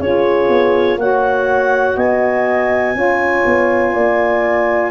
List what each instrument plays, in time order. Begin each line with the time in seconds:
0.00 tuba C#4, saxophone F4, horn G#4, clarinet C#5
0.49 tuba B3
0.97 tuba A#3, saxophone F#4, horn C#5, clarinet F#5
1.97 tuba B3, horn D#5, clarinet G#5
2.95 tuba C#4, saxophone F4, horn C#5
3.46 tuba B3
3.93 tuba A#3, horn D5